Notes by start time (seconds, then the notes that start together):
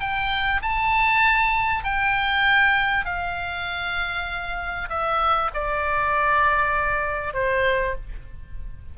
0.00 G5
0.62 A5
1.84 G5
3.05 F5
4.89 E5
5.54 D5
7.34 C5